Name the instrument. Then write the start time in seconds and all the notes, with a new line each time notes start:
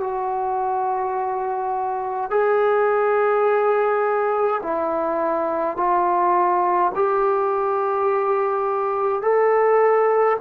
trombone
0.00 F#4
2.31 G#4
4.63 E4
5.77 F4
6.95 G4
9.22 A4